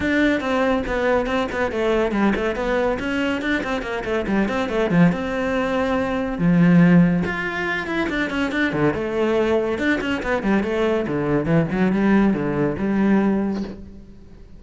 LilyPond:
\new Staff \with { instrumentName = "cello" } { \time 4/4 \tempo 4 = 141 d'4 c'4 b4 c'8 b8 | a4 g8 a8 b4 cis'4 | d'8 c'8 ais8 a8 g8 c'8 a8 f8 | c'2. f4~ |
f4 f'4. e'8 d'8 cis'8 | d'8 d8 a2 d'8 cis'8 | b8 g8 a4 d4 e8 fis8 | g4 d4 g2 | }